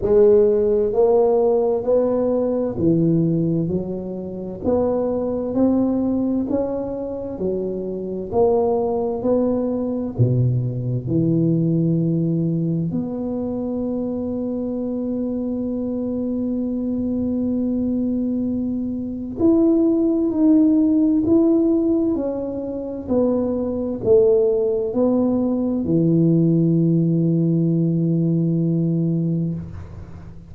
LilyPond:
\new Staff \with { instrumentName = "tuba" } { \time 4/4 \tempo 4 = 65 gis4 ais4 b4 e4 | fis4 b4 c'4 cis'4 | fis4 ais4 b4 b,4 | e2 b2~ |
b1~ | b4 e'4 dis'4 e'4 | cis'4 b4 a4 b4 | e1 | }